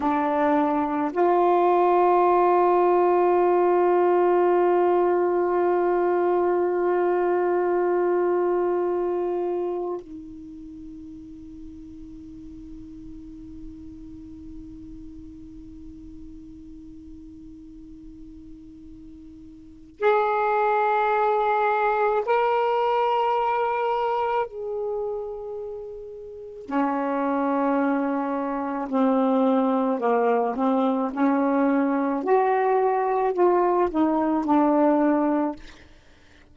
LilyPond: \new Staff \with { instrumentName = "saxophone" } { \time 4/4 \tempo 4 = 54 d'4 f'2.~ | f'1~ | f'4 dis'2.~ | dis'1~ |
dis'2 gis'2 | ais'2 gis'2 | cis'2 c'4 ais8 c'8 | cis'4 fis'4 f'8 dis'8 d'4 | }